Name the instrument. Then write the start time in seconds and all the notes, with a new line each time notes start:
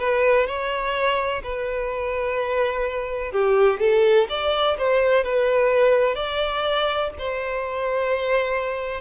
violin
0.00 B4
0.47 C#5
1.44 B4
3.32 G4
3.80 A4
4.30 D5
4.78 C5
5.24 B4
6.16 D5
7.19 C5